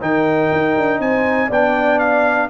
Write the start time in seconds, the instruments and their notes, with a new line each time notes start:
0.00 tuba D#3, trombone D#4, horn A#4, trumpet G5
0.52 tuba D#4
0.77 tuba D4
0.99 tuba C4, horn C5, trumpet G#5
1.48 tuba B3, trombone D4, horn D5, trumpet G5
1.99 trumpet F5